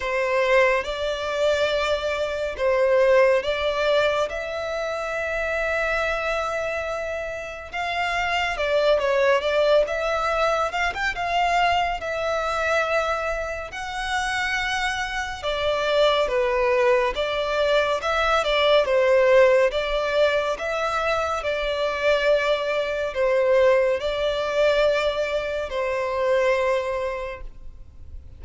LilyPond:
\new Staff \with { instrumentName = "violin" } { \time 4/4 \tempo 4 = 70 c''4 d''2 c''4 | d''4 e''2.~ | e''4 f''4 d''8 cis''8 d''8 e''8~ | e''8 f''16 g''16 f''4 e''2 |
fis''2 d''4 b'4 | d''4 e''8 d''8 c''4 d''4 | e''4 d''2 c''4 | d''2 c''2 | }